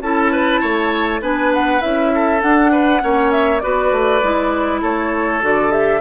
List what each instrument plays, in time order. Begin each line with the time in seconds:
0.00 bassoon C#4, clarinet E4, oboe A4, flute A5
0.32 oboe B4
0.60 bassoon A3, oboe C#5
1.21 bassoon B3, clarinet D4, oboe B4, flute G#5
1.53 flute F#5
1.80 bassoon C#4, clarinet E4, flute E5
2.14 oboe A4
2.39 clarinet D4, bassoon D4, flute F#5
2.71 oboe B4
2.99 bassoon A#3, clarinet C#4, oboe C#5
3.31 flute E5
3.59 bassoon B3, clarinet F#4, oboe B4, flute D5
3.91 bassoon A3
4.22 bassoon G#3, clarinet E4
4.81 bassoon A3, oboe A4, flute C#5
5.41 bassoon D3, clarinet F#4, flute D5
5.70 clarinet G4, flute E5